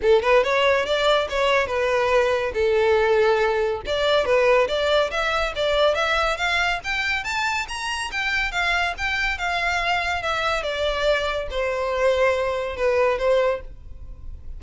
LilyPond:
\new Staff \with { instrumentName = "violin" } { \time 4/4 \tempo 4 = 141 a'8 b'8 cis''4 d''4 cis''4 | b'2 a'2~ | a'4 d''4 b'4 d''4 | e''4 d''4 e''4 f''4 |
g''4 a''4 ais''4 g''4 | f''4 g''4 f''2 | e''4 d''2 c''4~ | c''2 b'4 c''4 | }